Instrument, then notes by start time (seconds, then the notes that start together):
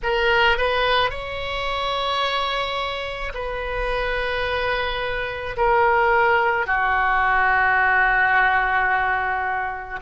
oboe
0.03 A#4
0.57 B4
1.10 C#5
3.34 B4
5.56 A#4
6.66 F#4